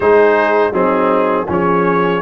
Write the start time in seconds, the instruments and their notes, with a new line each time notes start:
0.00 tuba G#3, trombone D#4, horn G#4, trumpet C5
0.71 tuba F#3, trombone C4, horn D#4, trumpet G#4
1.48 tuba F3, trombone C#4, horn G#4, trumpet C#5